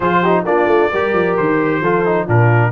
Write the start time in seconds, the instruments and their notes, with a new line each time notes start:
0.00 tuba F3, trombone F4, horn G#4, trumpet C5
0.21 trombone D#4, horn G4
0.44 tuba A#3, trombone D4, horn F4, trumpet D5
0.65 tuba A3
0.92 tuba G3, trombone G4, horn A#4
1.13 tuba F3
1.37 tuba D#3, trumpet C5
1.81 tuba F3, trombone F4, horn A4
2.05 trombone D#4
2.26 tuba A#2, trombone D4, horn F4, trumpet A#4